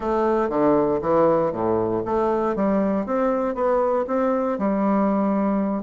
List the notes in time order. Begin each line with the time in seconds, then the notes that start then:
0.00 A3
0.49 D3
1.01 E3
1.52 A2
2.05 A3
2.55 G3
3.05 C4
3.54 B3
4.07 C4
4.58 G3